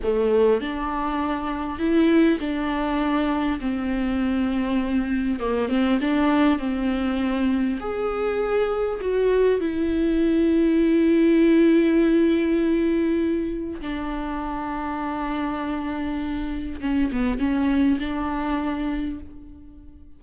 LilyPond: \new Staff \with { instrumentName = "viola" } { \time 4/4 \tempo 4 = 100 a4 d'2 e'4 | d'2 c'2~ | c'4 ais8 c'8 d'4 c'4~ | c'4 gis'2 fis'4 |
e'1~ | e'2. d'4~ | d'1 | cis'8 b8 cis'4 d'2 | }